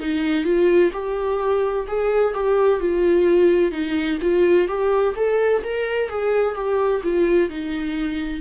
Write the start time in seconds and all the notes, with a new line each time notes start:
0.00 D#4
0.45 F4
0.93 G4
1.88 G#4
2.34 G4
2.80 F4
3.72 D#4
4.22 F4
4.68 G4
5.16 A4
5.64 A#4
6.10 G#4
6.55 G4
7.04 F4
7.50 D#4